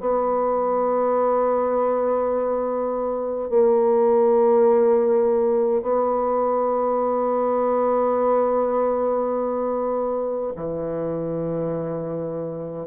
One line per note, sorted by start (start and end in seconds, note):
0.00 3.49 B3
3.49 5.82 A#3
5.82 10.52 B3
10.56 12.87 E3